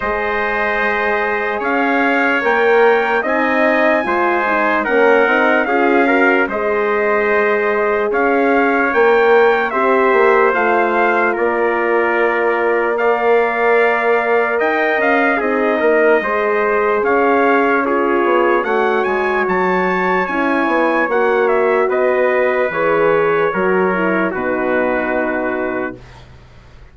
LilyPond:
<<
  \new Staff \with { instrumentName = "trumpet" } { \time 4/4 \tempo 4 = 74 dis''2 f''4 g''4 | gis''2 fis''4 f''4 | dis''2 f''4 g''4 | e''4 f''4 d''2 |
f''2 g''8 f''8 dis''4~ | dis''4 f''4 cis''4 fis''8 gis''8 | a''4 gis''4 fis''8 e''8 dis''4 | cis''2 b'2 | }
  \new Staff \with { instrumentName = "trumpet" } { \time 4/4 c''2 cis''2 | dis''4 c''4 ais'4 gis'8 ais'8 | c''2 cis''2 | c''2 ais'2 |
d''2 dis''4 gis'8 ais'8 | c''4 cis''4 gis'4 cis''4~ | cis''2. b'4~ | b'4 ais'4 fis'2 | }
  \new Staff \with { instrumentName = "horn" } { \time 4/4 gis'2. ais'4 | dis'4 f'8 dis'8 cis'8 dis'8 f'8 fis'8 | gis'2. ais'4 | g'4 f'2. |
ais'2. dis'4 | gis'2 f'4 fis'4~ | fis'4 e'4 fis'2 | gis'4 fis'8 e'8 dis'2 | }
  \new Staff \with { instrumentName = "bassoon" } { \time 4/4 gis2 cis'4 ais4 | c'4 gis4 ais8 c'8 cis'4 | gis2 cis'4 ais4 | c'8 ais8 a4 ais2~ |
ais2 dis'8 cis'8 c'8 ais8 | gis4 cis'4. b8 a8 gis8 | fis4 cis'8 b8 ais4 b4 | e4 fis4 b,2 | }
>>